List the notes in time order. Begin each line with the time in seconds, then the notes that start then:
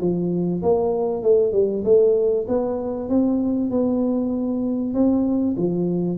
0.00 F3
0.62 A#3
1.23 A3
1.52 G3
1.84 A3
2.48 B3
3.09 C4
3.70 B3
4.94 C4
5.57 F3